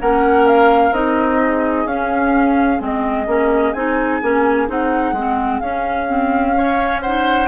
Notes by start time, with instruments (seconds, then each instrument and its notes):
0.00 bassoon A#3, clarinet C#4, oboe A#4, flute F#5
0.47 flute F5
0.91 bassoon C4, clarinet D#4, flute D#5
1.42 oboe G#4
1.85 bassoon C#4, clarinet C#4, flute F5
2.79 bassoon G#3, clarinet C4, flute D#5
3.27 bassoon A#3, clarinet C#4
3.73 bassoon C4, clarinet D#4, flute G#5
4.22 bassoon A#3, clarinet C#4
4.68 bassoon C4, clarinet D#4, flute F#5
5.12 bassoon G#3, clarinet C4
5.60 bassoon C#4, clarinet C#4, flute F5
6.08 clarinet C4
6.56 clarinet C#4, oboe C#5
7.01 clarinet D#4, oboe C5, flute F#5